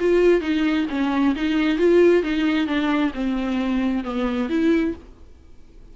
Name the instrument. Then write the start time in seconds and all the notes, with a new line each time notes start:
viola
0.00 F4
0.41 D#4
0.90 C#4
1.36 D#4
1.78 F4
2.23 D#4
2.67 D4
3.14 C4
4.04 B3
4.49 E4